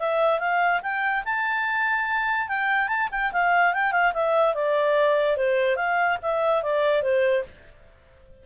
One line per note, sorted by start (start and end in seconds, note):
0.00 0.40 E5
0.40 0.81 F5
0.83 1.24 G5
1.25 2.49 A5
2.49 2.89 G5
2.89 3.09 A5
3.12 3.33 G5
3.33 3.74 F5
3.74 3.93 G5
3.93 4.13 F5
4.14 4.55 E5
4.55 5.37 D5
5.37 5.77 C5
5.77 6.18 F5
6.22 6.63 E5
6.63 7.03 D5
7.03 7.44 C5